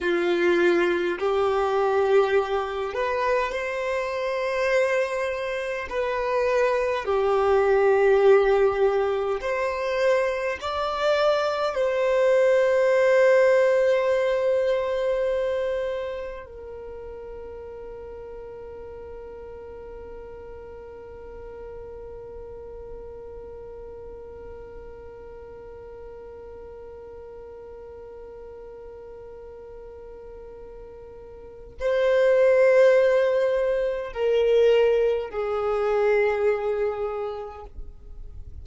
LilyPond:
\new Staff \with { instrumentName = "violin" } { \time 4/4 \tempo 4 = 51 f'4 g'4. b'8 c''4~ | c''4 b'4 g'2 | c''4 d''4 c''2~ | c''2 ais'2~ |
ais'1~ | ais'1~ | ais'2. c''4~ | c''4 ais'4 gis'2 | }